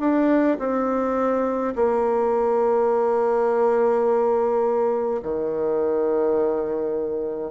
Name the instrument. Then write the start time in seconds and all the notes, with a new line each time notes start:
bassoon
0.00 D4
0.59 C4
1.76 A#3
5.23 D#3